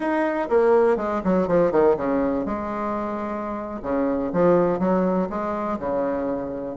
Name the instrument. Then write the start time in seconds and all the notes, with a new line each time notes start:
bassoon
0.00 D#4
0.49 A#3
0.96 G#3
1.24 F#3
1.47 F3
1.71 D#3
1.96 C#3
2.45 G#3
3.82 C#3
4.33 F3
4.79 F#3
5.29 G#3
5.79 C#3